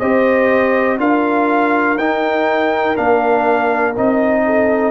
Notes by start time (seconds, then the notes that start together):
0.00 C4 G4 C5 D#5
0.98 D4 F4 A#4 F5
1.96 D#4 G5
2.96 A#3 D4 F5
3.97 C4 D#4 D#5
4.45 A4